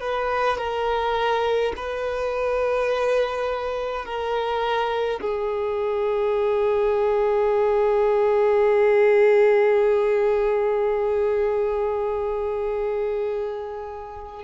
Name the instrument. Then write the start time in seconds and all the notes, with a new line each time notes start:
violin
0.00 B4
0.57 A#4
1.76 B4
4.05 A#4
5.20 G#4